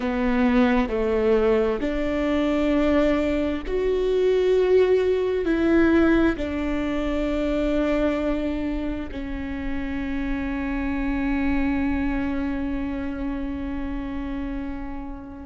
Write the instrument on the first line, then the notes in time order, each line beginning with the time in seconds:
viola
0.00 B3
0.88 A3
1.80 D4
3.67 F#4
5.45 E4
6.36 D4
9.11 C#4